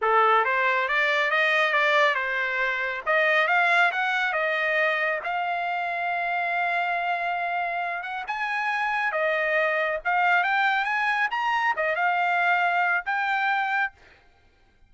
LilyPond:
\new Staff \with { instrumentName = "trumpet" } { \time 4/4 \tempo 4 = 138 a'4 c''4 d''4 dis''4 | d''4 c''2 dis''4 | f''4 fis''4 dis''2 | f''1~ |
f''2~ f''8 fis''8 gis''4~ | gis''4 dis''2 f''4 | g''4 gis''4 ais''4 dis''8 f''8~ | f''2 g''2 | }